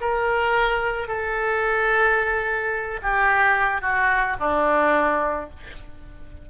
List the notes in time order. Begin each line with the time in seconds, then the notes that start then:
0.00 A#4
1.08 A4
3.02 G4
3.81 F#4
4.39 D4